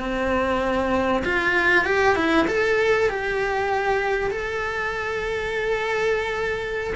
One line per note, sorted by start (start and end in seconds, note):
0.00 1.24 C4
1.25 1.85 F4
1.85 2.16 G4
2.16 2.47 E4
2.48 3.10 A4
3.10 4.31 G4
4.31 6.94 A4